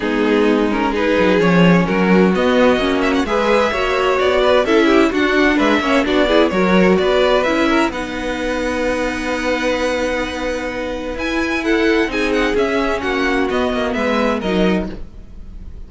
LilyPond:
<<
  \new Staff \with { instrumentName = "violin" } { \time 4/4 \tempo 4 = 129 gis'4. ais'8 b'4 cis''4 | ais'4 dis''4. e''16 fis''16 e''4~ | e''4 d''4 e''4 fis''4 | e''4 d''4 cis''4 d''4 |
e''4 fis''2.~ | fis''1 | gis''4 fis''4 gis''8 fis''8 e''4 | fis''4 dis''4 e''4 dis''4 | }
  \new Staff \with { instrumentName = "violin" } { \time 4/4 dis'2 gis'2 | fis'2. b'4 | cis''4. b'8 a'8 g'8 fis'4 | b'8 cis''8 fis'8 gis'8 ais'4 b'4~ |
b'8 ais'8 b'2.~ | b'1~ | b'4 a'4 gis'2 | fis'2 b'4 ais'4 | }
  \new Staff \with { instrumentName = "viola" } { \time 4/4 b4. cis'8 dis'4 cis'4~ | cis'4 b4 cis'4 gis'4 | fis'2 e'4 d'4~ | d'8 cis'8 d'8 e'8 fis'2 |
e'4 dis'2.~ | dis'1 | e'2 dis'4 cis'4~ | cis'4 b2 dis'4 | }
  \new Staff \with { instrumentName = "cello" } { \time 4/4 gis2~ gis8 fis8 f4 | fis4 b4 ais4 gis4 | ais4 b4 cis'4 d'4 | gis8 ais8 b4 fis4 b4 |
cis'4 b2.~ | b1 | e'2 c'4 cis'4 | ais4 b8 ais8 gis4 fis4 | }
>>